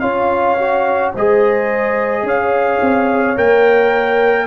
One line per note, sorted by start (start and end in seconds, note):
0.00 1.14 C#4
0.00 0.57 F4
0.00 1.13 C#5
0.00 1.11 F5
0.59 1.14 F#4
1.14 2.23 G#3
1.14 3.36 G#4
1.14 2.25 C5
1.14 2.28 D#5
2.23 2.79 C#4
2.23 4.47 C#5
2.23 3.38 F5
2.82 3.37 C4
3.36 4.47 A#3
3.36 4.47 A#4
3.36 4.47 G5